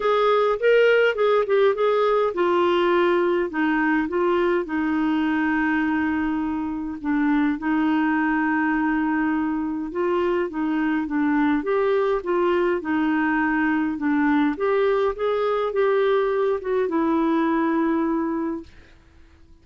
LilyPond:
\new Staff \with { instrumentName = "clarinet" } { \time 4/4 \tempo 4 = 103 gis'4 ais'4 gis'8 g'8 gis'4 | f'2 dis'4 f'4 | dis'1 | d'4 dis'2.~ |
dis'4 f'4 dis'4 d'4 | g'4 f'4 dis'2 | d'4 g'4 gis'4 g'4~ | g'8 fis'8 e'2. | }